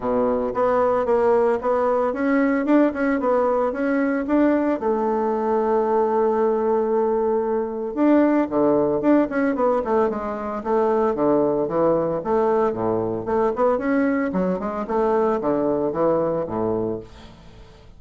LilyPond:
\new Staff \with { instrumentName = "bassoon" } { \time 4/4 \tempo 4 = 113 b,4 b4 ais4 b4 | cis'4 d'8 cis'8 b4 cis'4 | d'4 a2.~ | a2. d'4 |
d4 d'8 cis'8 b8 a8 gis4 | a4 d4 e4 a4 | a,4 a8 b8 cis'4 fis8 gis8 | a4 d4 e4 a,4 | }